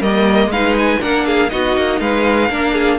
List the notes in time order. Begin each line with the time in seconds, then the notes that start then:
0.00 G3 A#3 A#4 D#5
0.47 G#3 D#4 B4 F5
0.77 G#5
1.00 A#3 D4 A#4 F#5
1.26 G#4 F5
1.49 B3 D#4 F#4 D#5
1.77 A#3
2.00 G#3 B4 F5
2.49 A#3 D4 A#4
2.73 G#4